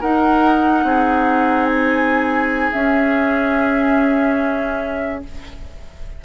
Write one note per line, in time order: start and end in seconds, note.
0.00 2.72 D#4
0.00 0.83 D#4
0.00 0.83 A#4
0.00 1.66 F#5
0.83 2.71 C4
0.83 5.24 G#4
1.66 2.70 G#5
2.72 5.24 C#4
2.72 5.22 E5